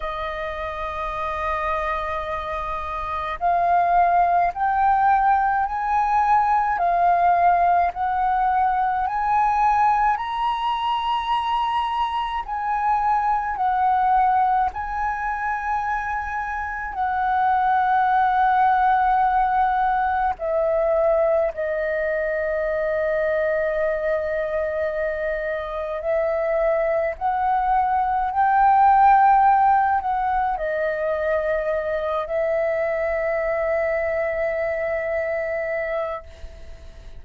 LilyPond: \new Staff \with { instrumentName = "flute" } { \time 4/4 \tempo 4 = 53 dis''2. f''4 | g''4 gis''4 f''4 fis''4 | gis''4 ais''2 gis''4 | fis''4 gis''2 fis''4~ |
fis''2 e''4 dis''4~ | dis''2. e''4 | fis''4 g''4. fis''8 dis''4~ | dis''8 e''2.~ e''8 | }